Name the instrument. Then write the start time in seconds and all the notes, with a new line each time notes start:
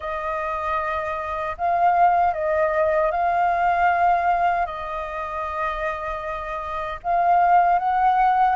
flute
0.00 D#5
1.57 F5
2.33 D#5
3.11 F5
4.65 D#5
7.03 F5
7.79 F#5